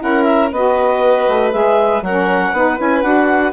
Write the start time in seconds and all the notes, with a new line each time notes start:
0.00 C#4 E4 A#4 F#5
0.24 E5
0.51 B3 F#4 B4 D#5
1.29 A3
1.52 G#3 G#4 E5
2.02 F#3 C#4 A#4 F#5
2.53 B3 D#4 B4
2.78 C#4 E4 G#5
3.02 D4 F#4 F#5